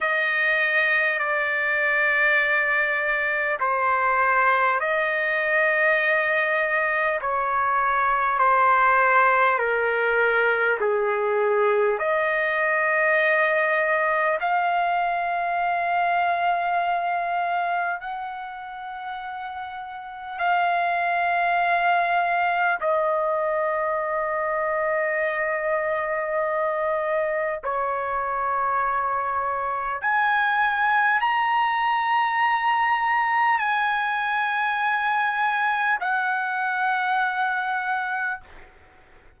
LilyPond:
\new Staff \with { instrumentName = "trumpet" } { \time 4/4 \tempo 4 = 50 dis''4 d''2 c''4 | dis''2 cis''4 c''4 | ais'4 gis'4 dis''2 | f''2. fis''4~ |
fis''4 f''2 dis''4~ | dis''2. cis''4~ | cis''4 gis''4 ais''2 | gis''2 fis''2 | }